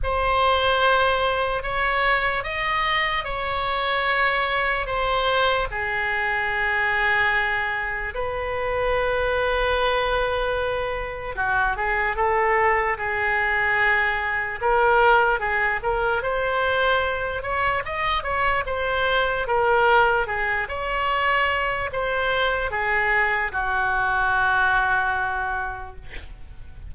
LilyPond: \new Staff \with { instrumentName = "oboe" } { \time 4/4 \tempo 4 = 74 c''2 cis''4 dis''4 | cis''2 c''4 gis'4~ | gis'2 b'2~ | b'2 fis'8 gis'8 a'4 |
gis'2 ais'4 gis'8 ais'8 | c''4. cis''8 dis''8 cis''8 c''4 | ais'4 gis'8 cis''4. c''4 | gis'4 fis'2. | }